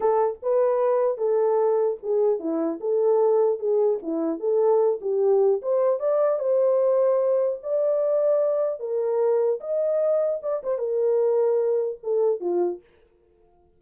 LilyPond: \new Staff \with { instrumentName = "horn" } { \time 4/4 \tempo 4 = 150 a'4 b'2 a'4~ | a'4 gis'4 e'4 a'4~ | a'4 gis'4 e'4 a'4~ | a'8 g'4. c''4 d''4 |
c''2. d''4~ | d''2 ais'2 | dis''2 d''8 c''8 ais'4~ | ais'2 a'4 f'4 | }